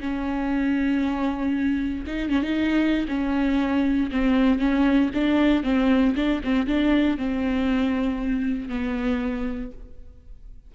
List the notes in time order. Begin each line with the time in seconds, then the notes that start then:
0.00 C#4
2.06 D#4
2.29 C#4
2.42 D#4
3.08 C#4
4.11 C4
4.59 C#4
5.14 D4
5.63 C4
6.15 D4
6.43 C4
6.67 D4
7.17 C4
8.69 B3